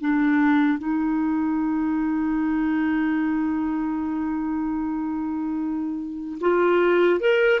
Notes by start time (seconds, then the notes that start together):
0.00 D4
0.78 D#4
6.40 F4
7.20 A#4